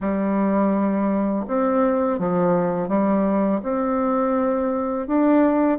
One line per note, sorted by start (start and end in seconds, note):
0.00 1.45 G3
1.47 2.18 C4
2.18 2.88 F3
2.88 3.60 G3
3.62 5.07 C4
5.07 5.78 D4